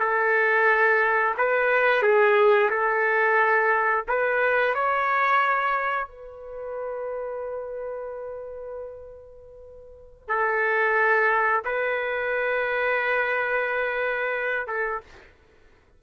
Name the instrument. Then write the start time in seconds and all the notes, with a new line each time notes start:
trumpet
0.00 A4
1.38 B4
2.02 G#4
2.70 A4
4.08 B4
4.75 C#5
6.08 B4
10.28 A4
11.65 B4
14.67 A4